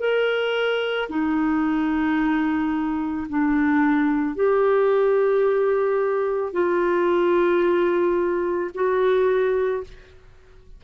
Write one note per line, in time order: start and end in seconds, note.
0.00 1.09 A#4
1.10 3.28 D#4
3.29 4.36 D4
4.36 6.53 G4
6.53 8.71 F4
8.75 9.84 F#4